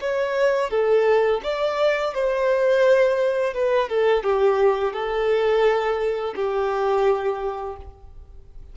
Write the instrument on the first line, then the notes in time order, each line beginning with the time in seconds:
violin
0.00 C#5
0.70 A4
1.43 D5
2.14 C5
3.53 B4
3.89 A4
4.23 G4
4.93 A4
6.35 G4